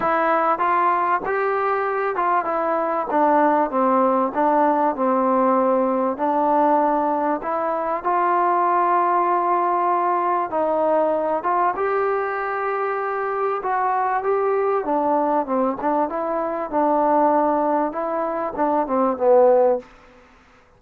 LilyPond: \new Staff \with { instrumentName = "trombone" } { \time 4/4 \tempo 4 = 97 e'4 f'4 g'4. f'8 | e'4 d'4 c'4 d'4 | c'2 d'2 | e'4 f'2.~ |
f'4 dis'4. f'8 g'4~ | g'2 fis'4 g'4 | d'4 c'8 d'8 e'4 d'4~ | d'4 e'4 d'8 c'8 b4 | }